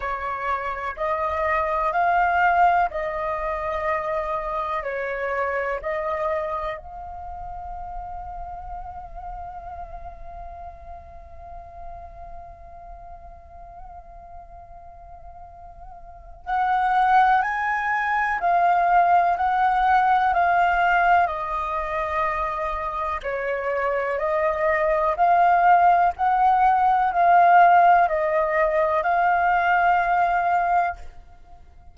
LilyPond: \new Staff \with { instrumentName = "flute" } { \time 4/4 \tempo 4 = 62 cis''4 dis''4 f''4 dis''4~ | dis''4 cis''4 dis''4 f''4~ | f''1~ | f''1~ |
f''4 fis''4 gis''4 f''4 | fis''4 f''4 dis''2 | cis''4 dis''4 f''4 fis''4 | f''4 dis''4 f''2 | }